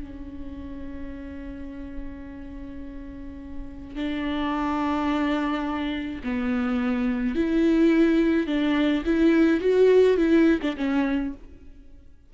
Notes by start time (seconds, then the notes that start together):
0.00 C#4
3.95 D4
6.23 B3
7.35 E4
8.47 D4
9.05 E4
9.60 F#4
10.17 E4
10.62 D4
10.77 C#4